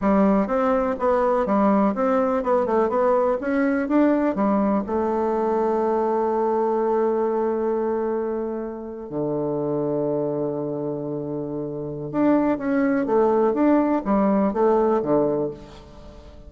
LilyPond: \new Staff \with { instrumentName = "bassoon" } { \time 4/4 \tempo 4 = 124 g4 c'4 b4 g4 | c'4 b8 a8 b4 cis'4 | d'4 g4 a2~ | a1~ |
a2~ a8. d4~ d16~ | d1~ | d4 d'4 cis'4 a4 | d'4 g4 a4 d4 | }